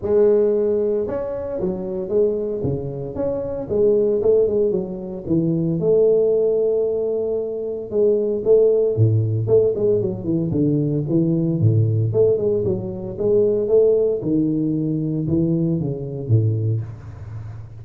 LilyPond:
\new Staff \with { instrumentName = "tuba" } { \time 4/4 \tempo 4 = 114 gis2 cis'4 fis4 | gis4 cis4 cis'4 gis4 | a8 gis8 fis4 e4 a4~ | a2. gis4 |
a4 a,4 a8 gis8 fis8 e8 | d4 e4 a,4 a8 gis8 | fis4 gis4 a4 dis4~ | dis4 e4 cis4 a,4 | }